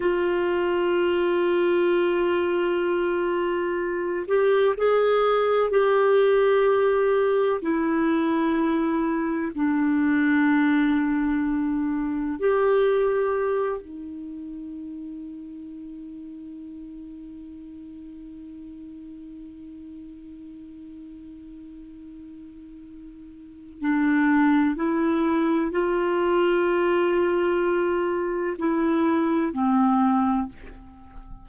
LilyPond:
\new Staff \with { instrumentName = "clarinet" } { \time 4/4 \tempo 4 = 63 f'1~ | f'8 g'8 gis'4 g'2 | e'2 d'2~ | d'4 g'4. dis'4.~ |
dis'1~ | dis'1~ | dis'4 d'4 e'4 f'4~ | f'2 e'4 c'4 | }